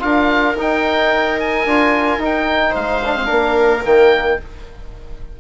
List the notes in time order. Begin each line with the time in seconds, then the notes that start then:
0.00 D4 F4 A#4 F5
0.56 D#4 G5
1.40 G#5
1.65 D4 F4
2.18 D#4
2.25 G5
2.71 G#3 C5 F5
3.05 D4
3.16 C4
3.25 A#3 D4 A#4
3.84 D#3 A#3 G5